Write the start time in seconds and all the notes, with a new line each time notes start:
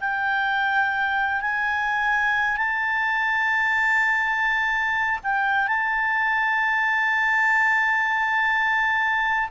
0.00 G5
1.41 G#5
2.57 A5
5.23 G5
5.68 A5